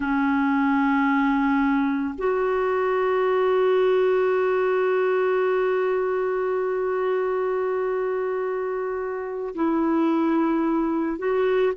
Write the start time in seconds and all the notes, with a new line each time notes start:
0.00 C#4
2.18 F#4
9.55 E4
11.18 F#4